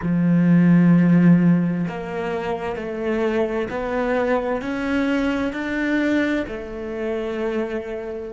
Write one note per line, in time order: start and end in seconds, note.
0.02 1.87 F3
1.88 2.76 A#3
2.76 3.68 A3
3.70 4.62 B3
4.62 5.52 C#4
5.52 6.44 D4
6.47 8.32 A3